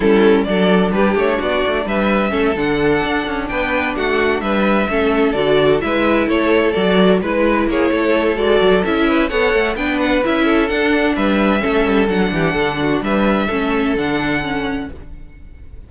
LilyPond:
<<
  \new Staff \with { instrumentName = "violin" } { \time 4/4 \tempo 4 = 129 a'4 d''4 b'8 cis''8 d''4 | e''4. fis''2 g''8~ | g''8 fis''4 e''2 d''8~ | d''8 e''4 cis''4 d''4 b'8~ |
b'8 cis''4. d''4 e''4 | fis''4 g''8 fis''8 e''4 fis''4 | e''2 fis''2 | e''2 fis''2 | }
  \new Staff \with { instrumentName = "violin" } { \time 4/4 e'4 a'4 g'4 fis'4 | b'4 a'2~ a'8 b'8~ | b'8 fis'4 b'4 a'4.~ | a'8 b'4 a'2 b'8~ |
b'8 gis'8 a'2~ a'8 b'8 | cis''4 b'4. a'4. | b'4 a'4. g'8 a'8 fis'8 | b'4 a'2. | }
  \new Staff \with { instrumentName = "viola" } { \time 4/4 cis'4 d'2.~ | d'4 cis'8 d'2~ d'8~ | d'2~ d'8 cis'4 fis'8~ | fis'8 e'2 fis'4 e'8~ |
e'2 fis'4 e'4 | a'4 d'4 e'4 d'4~ | d'4 cis'4 d'2~ | d'4 cis'4 d'4 cis'4 | }
  \new Staff \with { instrumentName = "cello" } { \time 4/4 g4 fis4 g8 a8 b8 a8 | g4 a8 d4 d'8 cis'8 b8~ | b8 a4 g4 a4 d8~ | d8 gis4 a4 fis4 gis8~ |
gis8 ais8 a4 gis8 fis8 cis'4 | b8 a8 b4 cis'4 d'4 | g4 a8 g8 fis8 e8 d4 | g4 a4 d2 | }
>>